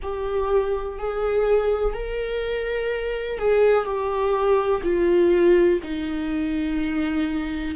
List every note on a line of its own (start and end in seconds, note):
0.02 0.99 G4
0.99 1.94 G#4
1.94 3.38 A#4
3.38 3.84 G#4
3.84 4.81 G4
4.83 5.80 F4
5.82 7.75 D#4